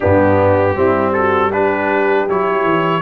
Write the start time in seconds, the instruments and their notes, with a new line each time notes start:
0.00 tuba G2, trombone B3, horn D4, trumpet G4
0.75 tuba G3, trombone C4, horn E4
1.12 horn F#4, trumpet A4
1.52 trombone D4, horn G4, trumpet B4
2.28 tuba F#3, trombone E4, trumpet C#5
2.63 tuba E3